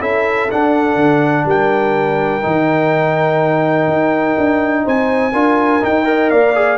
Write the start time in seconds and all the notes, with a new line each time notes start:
0.00 C#4 E4 A4 E5
0.51 D4 F#5
0.96 D3
1.45 G3 A#4 G5
2.42 D#3 D#4
3.87 D#4
4.37 D4
4.84 C4 C5 G#5
5.32 D4 F4 A#4
5.81 D#4 G5
6.05 A#4 D#5
6.30 A#3 D5 F5
6.55 G#4